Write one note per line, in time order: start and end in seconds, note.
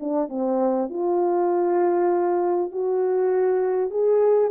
0.00 0.29 D4
0.29 0.89 C4
0.89 2.71 F4
2.71 3.90 F#4
3.90 4.50 G#4